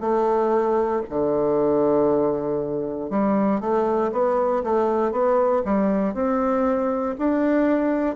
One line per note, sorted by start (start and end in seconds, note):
0.00 1.02 A3
1.09 3.10 D3
3.10 3.60 G3
3.60 4.11 A3
4.11 4.62 B3
4.63 5.11 A3
5.11 5.62 B3
5.64 6.13 G3
6.13 7.15 C4
7.18 8.15 D4